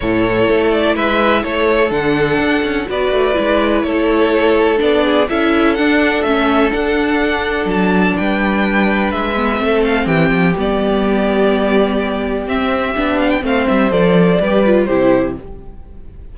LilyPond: <<
  \new Staff \with { instrumentName = "violin" } { \time 4/4 \tempo 4 = 125 cis''4. d''8 e''4 cis''4 | fis''2 d''2 | cis''2 d''4 e''4 | fis''4 e''4 fis''2 |
a''4 g''2 e''4~ | e''8 f''8 g''4 d''2~ | d''2 e''4. f''16 g''16 | f''8 e''8 d''2 c''4 | }
  \new Staff \with { instrumentName = "violin" } { \time 4/4 a'2 b'4 a'4~ | a'2 b'2 | a'2~ a'8 gis'8 a'4~ | a'1~ |
a'4 b'2. | a'4 g'2.~ | g'1 | c''2 b'4 g'4 | }
  \new Staff \with { instrumentName = "viola" } { \time 4/4 e'1 | d'2 fis'4 e'4~ | e'2 d'4 e'4 | d'4 cis'4 d'2~ |
d'2.~ d'8 b8 | c'2 b2~ | b2 c'4 d'4 | c'4 a'4 g'8 f'8 e'4 | }
  \new Staff \with { instrumentName = "cello" } { \time 4/4 a,4 a4 gis4 a4 | d4 d'8 cis'8 b8 a8 gis4 | a2 b4 cis'4 | d'4 a4 d'2 |
fis4 g2 gis4 | a4 e8 f8 g2~ | g2 c'4 b4 | a8 g8 f4 g4 c4 | }
>>